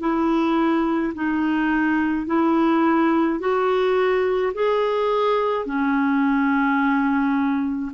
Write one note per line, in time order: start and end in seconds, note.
0.00 1.13 E4
1.14 2.26 D#4
2.26 3.40 E4
3.40 4.53 F#4
4.54 5.66 G#4
5.66 7.92 C#4